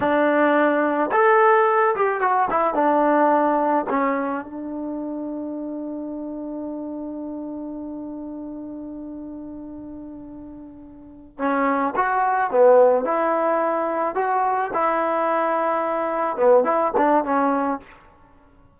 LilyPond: \new Staff \with { instrumentName = "trombone" } { \time 4/4 \tempo 4 = 108 d'2 a'4. g'8 | fis'8 e'8 d'2 cis'4 | d'1~ | d'1~ |
d'1~ | d'8 cis'4 fis'4 b4 e'8~ | e'4. fis'4 e'4.~ | e'4. b8 e'8 d'8 cis'4 | }